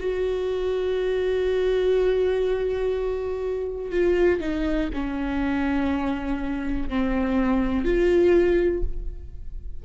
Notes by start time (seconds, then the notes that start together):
0.00 F#4
3.91 F4
4.40 D#4
4.94 C#4
6.89 C4
7.85 F4